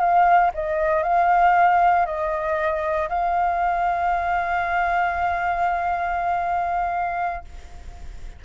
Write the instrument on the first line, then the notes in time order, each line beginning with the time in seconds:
flute
0.00 F5
0.55 D#5
1.03 F5
2.06 D#5
3.09 F5